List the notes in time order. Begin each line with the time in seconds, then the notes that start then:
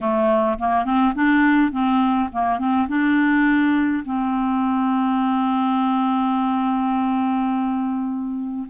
0.00 A3
0.58 A#3
0.84 C4
1.14 D4
1.71 C4
2.32 A#3
2.58 C4
2.88 D4
4.05 C4